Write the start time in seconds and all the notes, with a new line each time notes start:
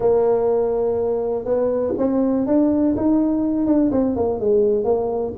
0.00 A#3
1.44 B3
1.97 C4
2.46 D4
2.96 D#4
3.66 D4
3.91 C4
4.16 A#3
4.40 G#3
4.84 A#3